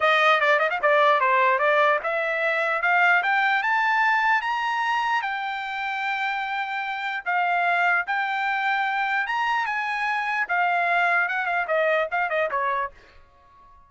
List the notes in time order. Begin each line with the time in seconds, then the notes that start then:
0.00 D#5
0.40 D5
0.59 D#5
0.70 F5
0.81 D5
1.20 C5
1.59 D5
2.03 E5
2.82 F5
3.22 G5
3.62 A5
4.41 A#5
5.21 G5
7.25 F5
8.06 G5
9.26 A#5
9.66 G#5
10.48 F5
11.28 F#5
11.46 F5
11.67 D#5
12.11 F5
12.29 D#5
12.50 C#5